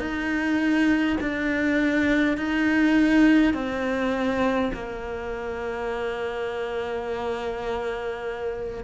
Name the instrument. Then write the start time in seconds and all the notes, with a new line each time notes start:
cello
0.00 D#4
1.21 D4
2.38 D#4
3.54 C4
4.74 A#3